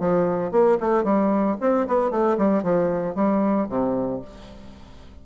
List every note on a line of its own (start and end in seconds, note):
0.00 0.52 F3
0.52 0.78 A#3
0.81 1.04 A3
1.04 1.57 G3
1.61 1.88 C4
1.88 2.11 B3
2.11 2.37 A3
2.38 2.64 G3
2.64 3.15 F3
3.15 3.68 G3
3.69 4.22 C3